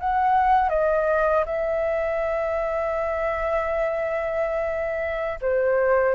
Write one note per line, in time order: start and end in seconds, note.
0.00 0.70 F#5
0.70 1.45 D#5
1.46 5.39 E5
5.41 6.15 C5